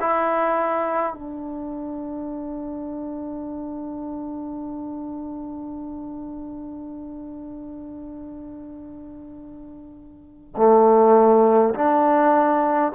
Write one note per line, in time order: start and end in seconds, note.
0.00 1.13 E4
1.13 10.55 D4
10.57 11.74 A3
11.74 12.92 D4